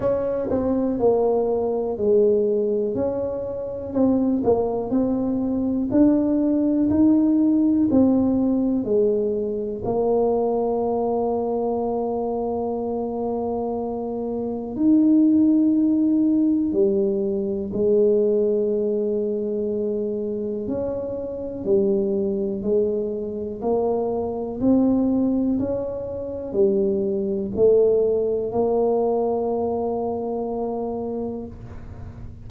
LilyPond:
\new Staff \with { instrumentName = "tuba" } { \time 4/4 \tempo 4 = 61 cis'8 c'8 ais4 gis4 cis'4 | c'8 ais8 c'4 d'4 dis'4 | c'4 gis4 ais2~ | ais2. dis'4~ |
dis'4 g4 gis2~ | gis4 cis'4 g4 gis4 | ais4 c'4 cis'4 g4 | a4 ais2. | }